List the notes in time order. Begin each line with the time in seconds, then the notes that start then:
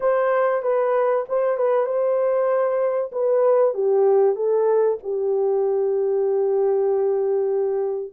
0.00 C5
0.62 B4
1.28 C5
1.57 B4
1.86 C5
3.11 B4
3.73 G4
4.35 A4
5.03 G4